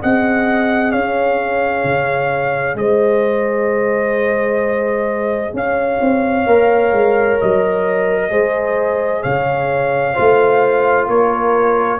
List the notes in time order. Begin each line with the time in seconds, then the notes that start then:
0.00 C4 G#4 D#5 F#5
0.92 C#4 C#5 F5
1.84 C#3
2.75 G#3 C5 D#5
5.54 C#4 C#5 F5
6.01 C4
6.46 A#3 A#4
6.92 G#3
7.41 F#3 D#5
8.30 G#3 G#4 C5
9.22 C#3 C#5 F5
10.14 A3 F4 C5
11.07 A#3 A#4 C#5